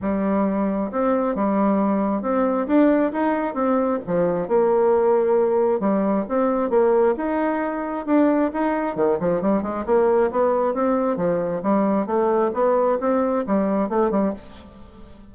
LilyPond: \new Staff \with { instrumentName = "bassoon" } { \time 4/4 \tempo 4 = 134 g2 c'4 g4~ | g4 c'4 d'4 dis'4 | c'4 f4 ais2~ | ais4 g4 c'4 ais4 |
dis'2 d'4 dis'4 | dis8 f8 g8 gis8 ais4 b4 | c'4 f4 g4 a4 | b4 c'4 g4 a8 g8 | }